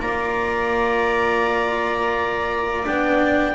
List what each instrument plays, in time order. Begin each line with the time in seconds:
0.00 double bass A#3, cello F4, viola D5, clarinet A#5
2.84 double bass B3, cello D4, clarinet G5